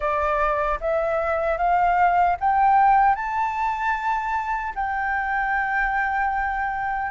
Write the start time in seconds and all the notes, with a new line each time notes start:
0.00 D5
0.80 E5
1.57 F5
2.39 G5
3.15 A5
4.75 G5